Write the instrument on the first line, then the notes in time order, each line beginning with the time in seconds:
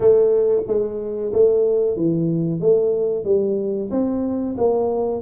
tuba
0.00 A3
0.67 G#3
1.32 A3
1.96 E3
2.60 A3
3.24 G3
3.90 C4
4.57 A#3